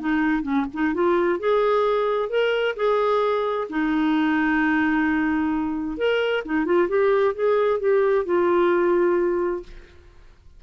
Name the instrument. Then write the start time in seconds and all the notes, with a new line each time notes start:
clarinet
0.00 D#4
0.43 C#4
0.73 D#4
0.94 F4
1.39 G#4
2.30 A#4
2.76 G#4
3.69 D#4
5.98 A#4
6.45 D#4
6.65 F4
6.89 G4
7.34 G#4
7.80 G4
8.26 F4